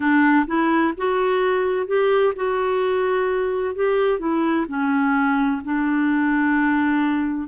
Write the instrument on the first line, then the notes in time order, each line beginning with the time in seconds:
clarinet
0.00 D4
0.46 E4
0.97 F#4
1.87 G4
2.35 F#4
3.75 G4
4.19 E4
4.67 C#4
5.64 D4